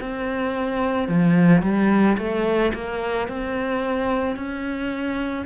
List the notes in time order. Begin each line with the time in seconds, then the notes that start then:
0.00 C4
1.08 F3
1.62 G3
2.18 A3
2.74 A#3
3.28 C4
4.36 C#4